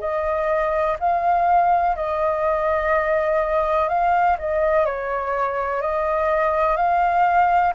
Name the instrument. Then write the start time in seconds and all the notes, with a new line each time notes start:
flute
0.00 D#5
0.99 F5
1.96 D#5
3.88 F5
4.38 D#5
4.85 C#5
5.81 D#5
6.77 F5